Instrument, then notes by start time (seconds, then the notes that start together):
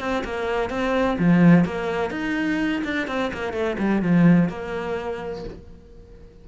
cello
0.00 C4
0.24 A#3
0.70 C4
1.19 F3
1.65 A#3
2.11 D#4
2.84 D4
3.08 C4
3.34 A#3
3.53 A3
3.79 G3
4.02 F3
4.49 A#3